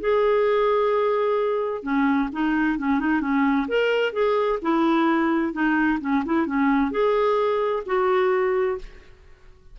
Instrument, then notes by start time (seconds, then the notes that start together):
clarinet
0.00 G#4
1.83 C#4
2.32 D#4
2.78 C#4
3.00 D#4
3.21 C#4
3.68 A#4
4.13 G#4
4.62 E4
5.53 D#4
6.00 C#4
6.25 E4
6.47 C#4
6.91 G#4
7.86 F#4